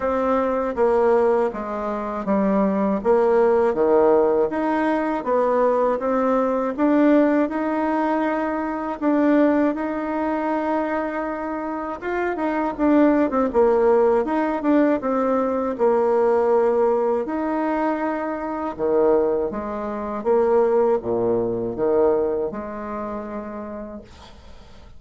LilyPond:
\new Staff \with { instrumentName = "bassoon" } { \time 4/4 \tempo 4 = 80 c'4 ais4 gis4 g4 | ais4 dis4 dis'4 b4 | c'4 d'4 dis'2 | d'4 dis'2. |
f'8 dis'8 d'8. c'16 ais4 dis'8 d'8 | c'4 ais2 dis'4~ | dis'4 dis4 gis4 ais4 | ais,4 dis4 gis2 | }